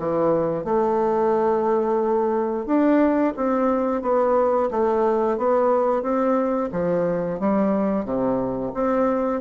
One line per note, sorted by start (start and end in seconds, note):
0.00 0.65 E3
0.65 2.67 A3
2.67 3.34 D4
3.37 4.03 C4
4.03 4.70 B3
4.71 5.38 A3
5.38 6.03 B3
6.03 6.70 C4
6.73 7.40 F3
7.40 8.05 G3
8.05 8.73 C3
8.75 9.42 C4